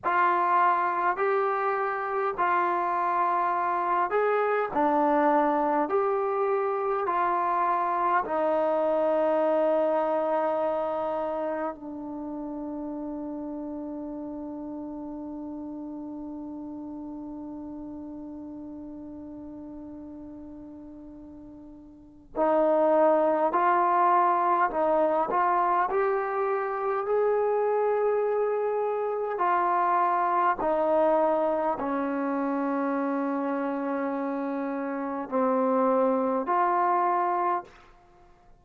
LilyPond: \new Staff \with { instrumentName = "trombone" } { \time 4/4 \tempo 4 = 51 f'4 g'4 f'4. gis'8 | d'4 g'4 f'4 dis'4~ | dis'2 d'2~ | d'1~ |
d'2. dis'4 | f'4 dis'8 f'8 g'4 gis'4~ | gis'4 f'4 dis'4 cis'4~ | cis'2 c'4 f'4 | }